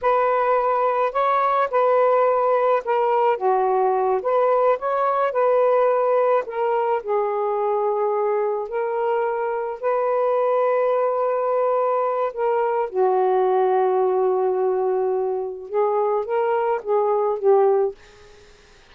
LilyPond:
\new Staff \with { instrumentName = "saxophone" } { \time 4/4 \tempo 4 = 107 b'2 cis''4 b'4~ | b'4 ais'4 fis'4. b'8~ | b'8 cis''4 b'2 ais'8~ | ais'8 gis'2. ais'8~ |
ais'4. b'2~ b'8~ | b'2 ais'4 fis'4~ | fis'1 | gis'4 ais'4 gis'4 g'4 | }